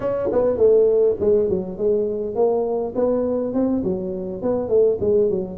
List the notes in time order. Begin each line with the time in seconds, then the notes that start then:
0.00 C#4
0.32 B3
0.57 A3
1.20 G#3
1.49 F#3
1.77 G#3
2.35 A#3
2.95 B3
3.53 C4
3.83 F#3
4.42 B3
4.68 A3
5.00 G#3
5.29 F#3